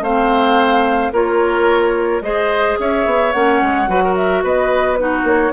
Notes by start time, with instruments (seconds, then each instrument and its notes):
0.00 bassoon A3, clarinet C4, oboe C5, flute F5
1.12 bassoon A#3, clarinet F4, oboe A#4, flute C#5
2.21 bassoon G#3, clarinet G#4, oboe C5, flute D#5
2.79 bassoon C#4, oboe C#5, flute E5
3.05 bassoon B3
3.32 bassoon A#3, clarinet C#4, flute F#5
3.61 bassoon G#3
3.87 bassoon F#3, clarinet F#4, oboe B4
4.04 oboe A#4
4.15 flute E5
4.43 bassoon B3, oboe B4, flute D#5
4.95 clarinet D#4, oboe F#4, flute B4
5.23 bassoon A#3, flute C#5